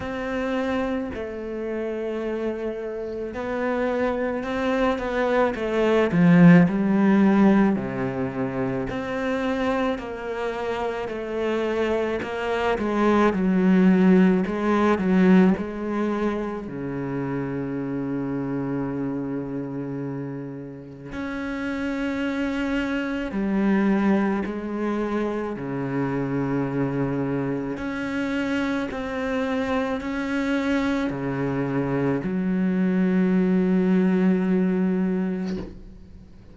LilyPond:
\new Staff \with { instrumentName = "cello" } { \time 4/4 \tempo 4 = 54 c'4 a2 b4 | c'8 b8 a8 f8 g4 c4 | c'4 ais4 a4 ais8 gis8 | fis4 gis8 fis8 gis4 cis4~ |
cis2. cis'4~ | cis'4 g4 gis4 cis4~ | cis4 cis'4 c'4 cis'4 | cis4 fis2. | }